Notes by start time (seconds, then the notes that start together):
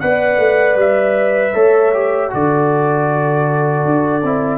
0.00 B3 B4 D5 F#5
0.37 A3
0.76 G3 E5
1.54 A3 A4 C#5
1.94 G4
2.30 D3 F#4 A4 D5
3.85 D4
4.23 C4 E4